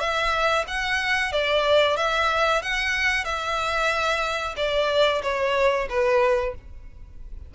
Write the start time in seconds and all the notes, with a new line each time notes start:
0.00 E5
0.68 F#5
1.33 D5
1.97 E5
2.62 F#5
3.25 E5
4.57 D5
5.23 C#5
5.90 B4